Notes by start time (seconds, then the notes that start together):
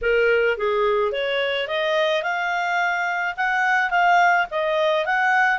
0.01 A#4
0.57 G#4
1.12 C#5
1.67 D#5
2.22 F5
3.36 F#5
3.90 F5
4.50 D#5
5.05 F#5